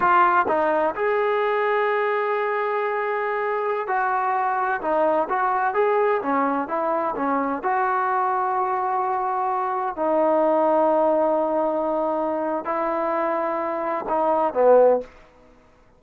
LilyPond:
\new Staff \with { instrumentName = "trombone" } { \time 4/4 \tempo 4 = 128 f'4 dis'4 gis'2~ | gis'1~ | gis'16 fis'2 dis'4 fis'8.~ | fis'16 gis'4 cis'4 e'4 cis'8.~ |
cis'16 fis'2.~ fis'8.~ | fis'4~ fis'16 dis'2~ dis'8.~ | dis'2. e'4~ | e'2 dis'4 b4 | }